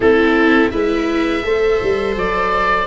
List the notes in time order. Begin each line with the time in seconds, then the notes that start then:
0.00 A3 C4 E4 A4
0.70 G#3 E4 B4 E5
1.43 A3 A4 C5
1.82 G3
2.16 F#3 D5